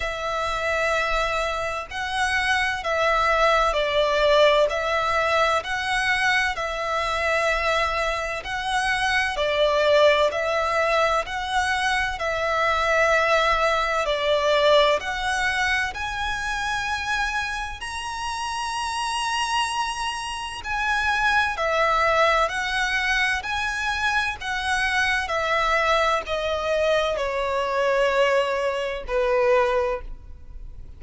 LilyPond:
\new Staff \with { instrumentName = "violin" } { \time 4/4 \tempo 4 = 64 e''2 fis''4 e''4 | d''4 e''4 fis''4 e''4~ | e''4 fis''4 d''4 e''4 | fis''4 e''2 d''4 |
fis''4 gis''2 ais''4~ | ais''2 gis''4 e''4 | fis''4 gis''4 fis''4 e''4 | dis''4 cis''2 b'4 | }